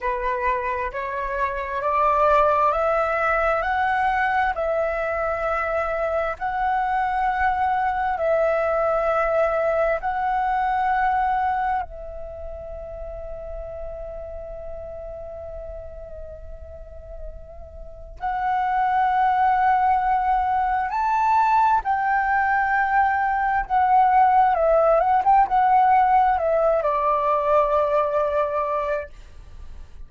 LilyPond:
\new Staff \with { instrumentName = "flute" } { \time 4/4 \tempo 4 = 66 b'4 cis''4 d''4 e''4 | fis''4 e''2 fis''4~ | fis''4 e''2 fis''4~ | fis''4 e''2.~ |
e''1 | fis''2. a''4 | g''2 fis''4 e''8 fis''16 g''16 | fis''4 e''8 d''2~ d''8 | }